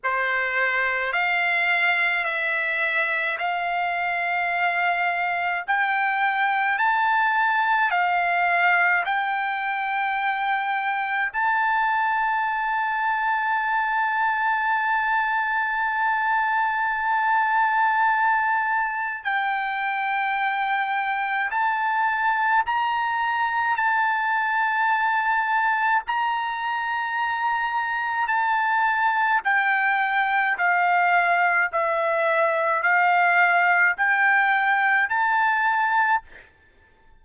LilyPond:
\new Staff \with { instrumentName = "trumpet" } { \time 4/4 \tempo 4 = 53 c''4 f''4 e''4 f''4~ | f''4 g''4 a''4 f''4 | g''2 a''2~ | a''1~ |
a''4 g''2 a''4 | ais''4 a''2 ais''4~ | ais''4 a''4 g''4 f''4 | e''4 f''4 g''4 a''4 | }